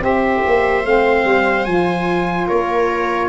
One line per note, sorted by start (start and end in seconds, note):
0.00 0.41 C4
0.00 0.83 G4
0.00 2.47 C5
0.00 0.86 E5
0.47 0.85 A#3
0.85 1.25 A3
0.85 1.67 C4
0.85 1.65 F5
1.25 1.66 G3
1.65 2.48 F3
1.65 3.29 F4
1.65 2.47 G#5
2.47 3.29 A#3
2.47 3.29 A#4
2.47 3.29 C#5